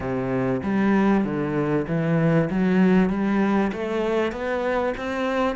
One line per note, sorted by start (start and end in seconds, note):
0.00 0.61 C3
0.62 1.24 G3
1.24 1.86 D3
1.87 2.49 E3
2.50 3.09 F#3
3.09 3.71 G3
3.72 4.32 A3
4.32 4.93 B3
4.97 5.55 C4